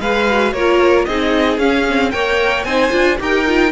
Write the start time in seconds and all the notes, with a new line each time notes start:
0.00 G#3 G#4 B4 F5
0.29 F#4
0.52 A#3 F4 A#4 C#5
1.05 C4 D#4 G#4 D#5
1.57 C#4 F5
1.89 C4
2.11 A#3 A#4 C#5 G5
2.64 C4 D#4 C5 G#5
2.90 D4 F4
3.19 D#4 G4 A#4 G5
3.46 F4